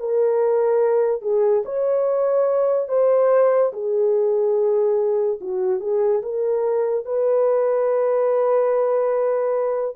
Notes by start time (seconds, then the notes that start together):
0.00 A#4
1.22 G#4
1.66 C#5
2.89 C5
3.73 G#4
5.41 F#4
5.81 G#4
6.23 A#4
7.06 B4